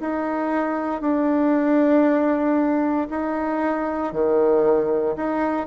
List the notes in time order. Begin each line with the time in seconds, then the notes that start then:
0.00 D#4
1.01 D4
3.10 D#4
4.12 D#3
5.16 D#4